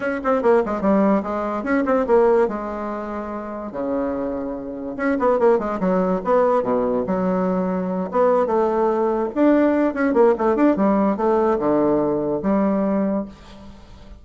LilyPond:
\new Staff \with { instrumentName = "bassoon" } { \time 4/4 \tempo 4 = 145 cis'8 c'8 ais8 gis8 g4 gis4 | cis'8 c'8 ais4 gis2~ | gis4 cis2. | cis'8 b8 ais8 gis8 fis4 b4 |
b,4 fis2~ fis8 b8~ | b8 a2 d'4. | cis'8 ais8 a8 d'8 g4 a4 | d2 g2 | }